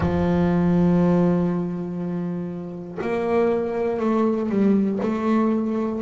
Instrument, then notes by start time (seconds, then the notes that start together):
double bass
0.00 F3
3.01 A#3
3.99 A3
4.49 G3
5.02 A3